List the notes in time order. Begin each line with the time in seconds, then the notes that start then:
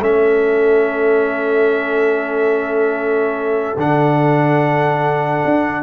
0.00 A3 C#4 A4 E5
3.77 D3 D4 F#5
5.45 D4